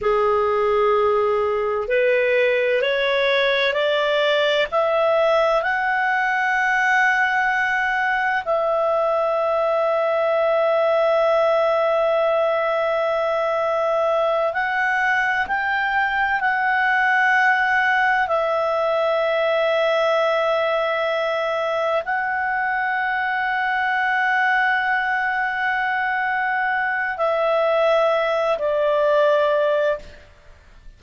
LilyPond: \new Staff \with { instrumentName = "clarinet" } { \time 4/4 \tempo 4 = 64 gis'2 b'4 cis''4 | d''4 e''4 fis''2~ | fis''4 e''2.~ | e''2.~ e''8 fis''8~ |
fis''8 g''4 fis''2 e''8~ | e''2.~ e''8 fis''8~ | fis''1~ | fis''4 e''4. d''4. | }